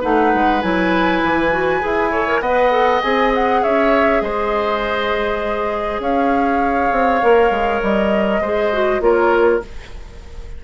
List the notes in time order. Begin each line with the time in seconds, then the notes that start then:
0.00 A3 D#4 B4 F#5
0.33 G#3
0.61 F#3 E4 G#5
1.23 E3
1.51 F#4
1.81 E4 G#4
2.11 A4 C#5
2.27 A#4
2.40 B3 B4 D#5 F#5
2.71 A4
3.02 C4 G#4 G#5
3.34 F#5
3.62 C#4 C#5 E5
4.21 G#3 C5 D#5
5.99 C#4 C#5 F5
6.91 C4
7.22 A#3 A#4
7.50 G#3
7.82 G3 D#5
8.40 G#3 G#4 C5
8.73 F#4
9.00 A#3 F4 A#4 C#5